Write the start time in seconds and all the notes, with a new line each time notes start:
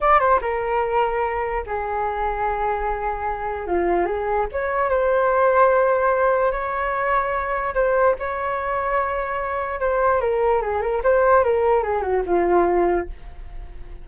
0.00 D5
0.19 C5
0.41 A#4
1.66 G#4
3.66 F4
4.05 G#4
4.52 C#5
4.89 C5
6.51 C#5
7.74 C5
8.19 C#5
9.80 C5
10.20 A#4
10.61 G#4
10.81 A#4
11.03 C5
11.43 A#4
11.83 G#4
12.01 F#4
12.26 F4